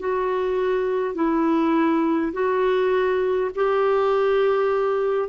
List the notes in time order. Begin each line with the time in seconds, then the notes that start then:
0.00 F#4
1.16 E4
2.33 F#4
3.56 G4